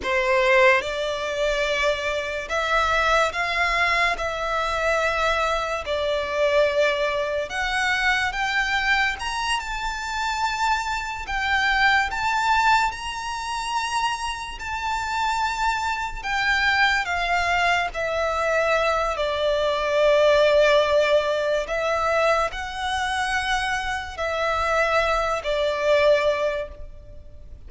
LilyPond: \new Staff \with { instrumentName = "violin" } { \time 4/4 \tempo 4 = 72 c''4 d''2 e''4 | f''4 e''2 d''4~ | d''4 fis''4 g''4 ais''8 a''8~ | a''4. g''4 a''4 ais''8~ |
ais''4. a''2 g''8~ | g''8 f''4 e''4. d''4~ | d''2 e''4 fis''4~ | fis''4 e''4. d''4. | }